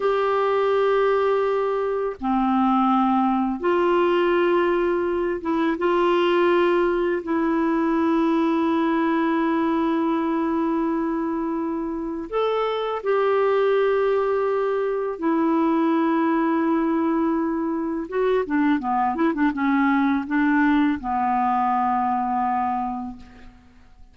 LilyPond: \new Staff \with { instrumentName = "clarinet" } { \time 4/4 \tempo 4 = 83 g'2. c'4~ | c'4 f'2~ f'8 e'8 | f'2 e'2~ | e'1~ |
e'4 a'4 g'2~ | g'4 e'2.~ | e'4 fis'8 d'8 b8 e'16 d'16 cis'4 | d'4 b2. | }